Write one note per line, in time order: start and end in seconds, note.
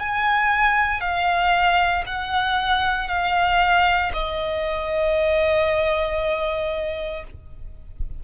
0.00 1.01 G#5
1.01 2.05 F5
2.06 3.09 F#5
3.09 4.12 F5
4.14 7.24 D#5